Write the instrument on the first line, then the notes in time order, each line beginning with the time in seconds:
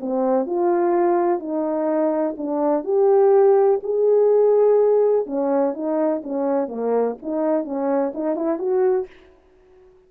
horn
0.00 C4
0.46 F4
1.39 D#4
2.37 D4
2.84 G4
3.83 G#4
5.26 C#4
5.74 D#4
6.23 C#4
6.68 A#3
7.22 D#4
7.65 C#4
8.14 D#4
8.36 E4
8.59 F#4